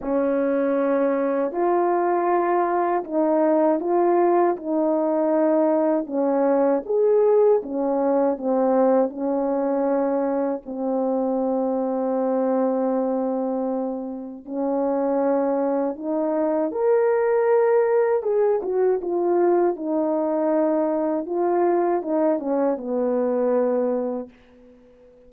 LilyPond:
\new Staff \with { instrumentName = "horn" } { \time 4/4 \tempo 4 = 79 cis'2 f'2 | dis'4 f'4 dis'2 | cis'4 gis'4 cis'4 c'4 | cis'2 c'2~ |
c'2. cis'4~ | cis'4 dis'4 ais'2 | gis'8 fis'8 f'4 dis'2 | f'4 dis'8 cis'8 b2 | }